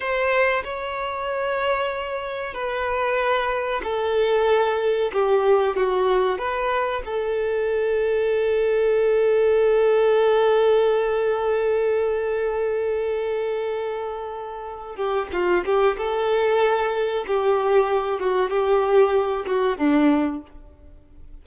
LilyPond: \new Staff \with { instrumentName = "violin" } { \time 4/4 \tempo 4 = 94 c''4 cis''2. | b'2 a'2 | g'4 fis'4 b'4 a'4~ | a'1~ |
a'1~ | a'2.~ a'8 g'8 | f'8 g'8 a'2 g'4~ | g'8 fis'8 g'4. fis'8 d'4 | }